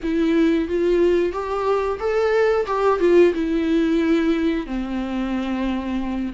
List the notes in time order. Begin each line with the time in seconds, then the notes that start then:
0.02 E4
0.68 F4
1.32 G4
1.99 A4
2.66 G4
2.99 F4
3.34 E4
4.66 C4